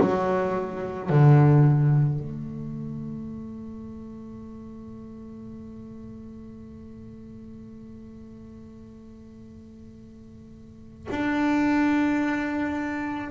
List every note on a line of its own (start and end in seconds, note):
0.00 1.10 F#3
1.10 2.19 D3
2.19 11.08 A3
11.10 13.30 D4